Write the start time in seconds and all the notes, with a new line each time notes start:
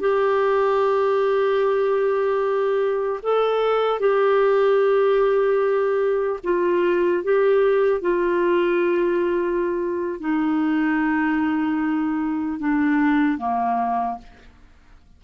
0.00 G4
3.23 A4
4.00 G4
6.44 F4
7.23 G4
8.01 F4
10.20 D#4
12.59 D4
13.38 A#3